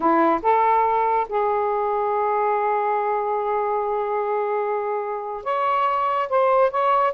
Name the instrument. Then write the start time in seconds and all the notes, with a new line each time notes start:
saxophone
0.00 E4
0.42 A4
1.28 G#4
5.43 C#5
6.29 C5
6.70 C#5